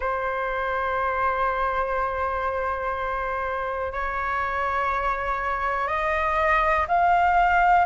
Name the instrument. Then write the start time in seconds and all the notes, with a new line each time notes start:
flute
0.00 C5
3.92 C#5
5.87 D#5
6.88 F5